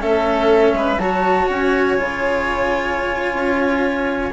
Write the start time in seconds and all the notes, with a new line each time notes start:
0.00 A3 C#4 A4 E5
0.73 G#3 B4
0.98 F#3 F#4 C#5 A5
1.49 C#4 G#5
1.98 C#3 F4
3.33 C#4